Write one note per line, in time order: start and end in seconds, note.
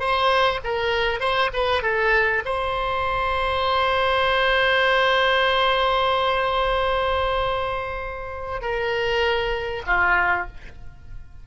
0.00 0.61 C5
0.64 1.21 A#4
1.21 1.51 C5
1.54 1.83 B4
1.83 2.44 A4
2.45 8.62 C5
8.62 9.83 A#4
9.87 10.48 F4